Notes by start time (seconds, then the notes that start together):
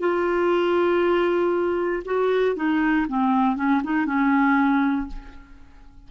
0.00 F4
2.05 F#4
2.56 D#4
3.09 C4
3.56 C#4
3.84 D#4
4.06 C#4